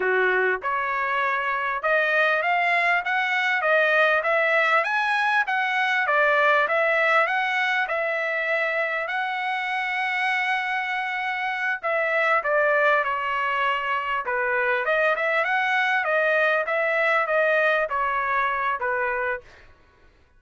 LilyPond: \new Staff \with { instrumentName = "trumpet" } { \time 4/4 \tempo 4 = 99 fis'4 cis''2 dis''4 | f''4 fis''4 dis''4 e''4 | gis''4 fis''4 d''4 e''4 | fis''4 e''2 fis''4~ |
fis''2.~ fis''8 e''8~ | e''8 d''4 cis''2 b'8~ | b'8 dis''8 e''8 fis''4 dis''4 e''8~ | e''8 dis''4 cis''4. b'4 | }